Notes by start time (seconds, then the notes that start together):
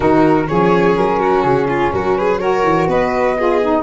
0.00 D#3 D#4 F#4 A#4
0.47 F3 C#4 G#4 C#5
0.96 F#3 A#4
1.19 F#4
1.42 C#3 G#4
1.68 F4
1.93 F#3 F#4 A#4
2.16 G#4 B4
2.39 F#4 A#4 C#5
2.63 E3
2.87 B3 B4 D#5
3.37 F4 G#4
3.62 D#4